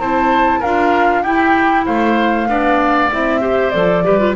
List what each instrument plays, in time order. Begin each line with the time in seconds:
0.00 double bass C4, clarinet E4, oboe C5, flute A5
0.60 double bass D4, clarinet F4, oboe A#4, flute F5
1.23 double bass E4, clarinet E4, oboe G4, flute G5
1.86 double bass A3, oboe C5, flute F5
2.48 double bass B3, clarinet D4, oboe D5
3.12 double bass C4, clarinet E4, flute E5
3.41 clarinet G4, oboe C5
3.70 double bass F3, clarinet A4, flute D5
4.05 double bass G3, clarinet G4, oboe B4
4.20 clarinet F4